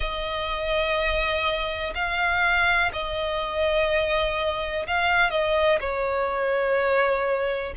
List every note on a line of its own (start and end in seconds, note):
0.00 1.94 D#5
1.94 2.91 F5
2.93 4.86 D#5
4.87 5.30 F5
5.30 5.78 D#5
5.80 7.73 C#5